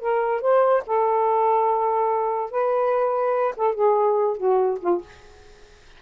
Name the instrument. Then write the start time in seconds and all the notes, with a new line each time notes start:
saxophone
0.00 A#4
0.42 C5
0.87 A4
2.51 B4
3.57 A4
3.75 G#4
4.38 F#4
4.81 F4